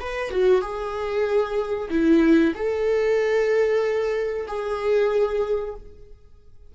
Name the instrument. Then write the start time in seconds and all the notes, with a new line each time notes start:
viola
0.00 B4
0.31 F#4
0.62 G#4
1.91 E4
2.56 A4
4.48 G#4